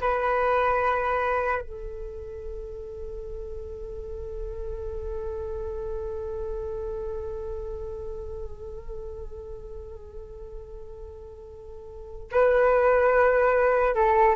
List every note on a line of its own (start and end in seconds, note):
0.00 1.61 B4
1.61 12.30 A4
12.31 13.94 B4
13.94 14.35 A4